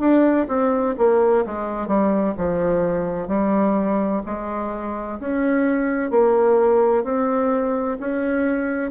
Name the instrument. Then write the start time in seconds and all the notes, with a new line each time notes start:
bassoon
0.00 D4
0.49 C4
0.98 A#3
1.46 G#3
1.88 G3
2.38 F3
3.28 G3
4.26 G#3
5.20 C#4
6.11 A#3
7.04 C4
8.00 C#4